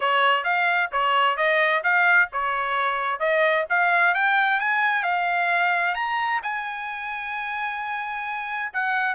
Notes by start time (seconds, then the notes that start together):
0.00 C#5
0.44 F5
0.92 C#5
1.36 D#5
1.83 F5
2.32 C#5
3.19 D#5
3.69 F5
4.14 G5
4.60 G#5
5.03 F5
5.94 A#5
6.42 G#5
8.73 F#5